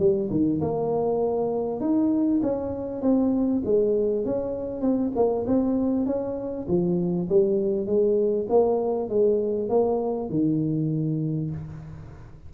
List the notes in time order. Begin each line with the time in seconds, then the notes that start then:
0.00 G3
0.31 D#3
0.62 A#3
1.81 D#4
2.43 C#4
3.02 C4
3.65 G#3
4.26 C#4
4.82 C4
5.16 A#3
5.47 C4
6.07 C#4
6.68 F3
7.30 G3
7.87 G#3
8.50 A#3
9.10 G#3
9.70 A#3
10.30 D#3